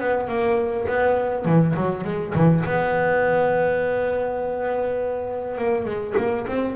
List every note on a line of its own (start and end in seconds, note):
0.00 0.29 B3
0.29 0.88 A#3
0.88 1.45 B3
1.45 1.75 E3
1.76 2.05 F#3
2.05 2.34 G#3
2.35 2.64 E3
2.66 5.58 B3
5.58 5.86 A#3
5.86 6.15 G#3
6.18 6.47 A#3
6.48 6.76 C4